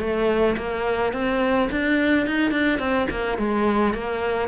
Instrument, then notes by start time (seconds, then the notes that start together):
cello
0.00 A3
0.57 A#3
1.13 C4
1.71 D4
2.27 D#4
2.51 D4
2.79 C4
3.10 A#3
3.38 G#3
3.94 A#3